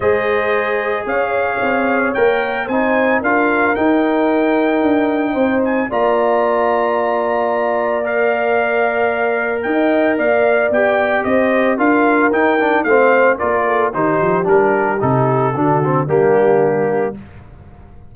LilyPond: <<
  \new Staff \with { instrumentName = "trumpet" } { \time 4/4 \tempo 4 = 112 dis''2 f''2 | g''4 gis''4 f''4 g''4~ | g''2~ g''8 gis''8 ais''4~ | ais''2. f''4~ |
f''2 g''4 f''4 | g''4 dis''4 f''4 g''4 | f''4 d''4 c''4 ais'4 | a'2 g'2 | }
  \new Staff \with { instrumentName = "horn" } { \time 4/4 c''2 cis''2~ | cis''4 c''4 ais'2~ | ais'2 c''4 d''4~ | d''1~ |
d''2 dis''4 d''4~ | d''4 c''4 ais'2 | c''4 ais'8 a'8 g'2~ | g'4 fis'4 d'2 | }
  \new Staff \with { instrumentName = "trombone" } { \time 4/4 gis'1 | ais'4 dis'4 f'4 dis'4~ | dis'2. f'4~ | f'2. ais'4~ |
ais'1 | g'2 f'4 dis'8 d'8 | c'4 f'4 dis'4 d'4 | dis'4 d'8 c'8 ais2 | }
  \new Staff \with { instrumentName = "tuba" } { \time 4/4 gis2 cis'4 c'4 | ais4 c'4 d'4 dis'4~ | dis'4 d'4 c'4 ais4~ | ais1~ |
ais2 dis'4 ais4 | b4 c'4 d'4 dis'4 | a4 ais4 dis8 f8 g4 | c4 d4 g2 | }
>>